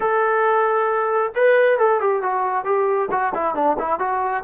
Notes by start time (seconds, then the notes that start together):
0.00 A4
1.35 B4
1.78 A4
2.00 G4
2.22 F#4
2.64 G4
3.11 F#4
3.34 E4
3.54 D4
3.78 E4
3.99 F#4